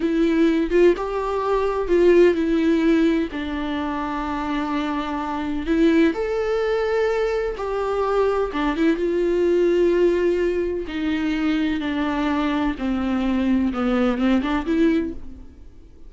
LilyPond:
\new Staff \with { instrumentName = "viola" } { \time 4/4 \tempo 4 = 127 e'4. f'8 g'2 | f'4 e'2 d'4~ | d'1 | e'4 a'2. |
g'2 d'8 e'8 f'4~ | f'2. dis'4~ | dis'4 d'2 c'4~ | c'4 b4 c'8 d'8 e'4 | }